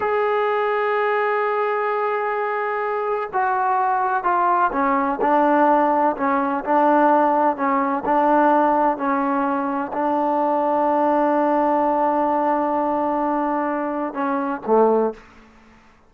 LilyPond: \new Staff \with { instrumentName = "trombone" } { \time 4/4 \tempo 4 = 127 gis'1~ | gis'2. fis'4~ | fis'4 f'4 cis'4 d'4~ | d'4 cis'4 d'2 |
cis'4 d'2 cis'4~ | cis'4 d'2.~ | d'1~ | d'2 cis'4 a4 | }